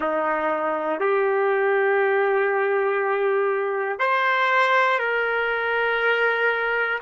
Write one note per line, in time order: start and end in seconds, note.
0.00 1.00 D#4
1.00 3.99 G4
3.99 4.98 C5
4.98 6.98 A#4